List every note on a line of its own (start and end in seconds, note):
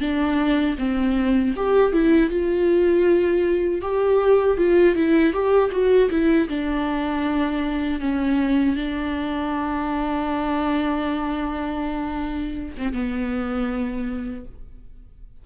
0.00 0.76 D4
0.78 1.54 C4
1.56 1.93 G4
1.93 2.30 E4
2.30 3.81 F4
3.81 4.57 G4
4.57 4.95 F4
4.95 5.33 E4
5.33 5.71 G4
5.71 6.09 F#4
6.10 6.48 E4
6.49 8.00 D4
8.00 8.76 C#4
8.76 12.75 D4
12.77 12.93 C4
12.93 14.45 B3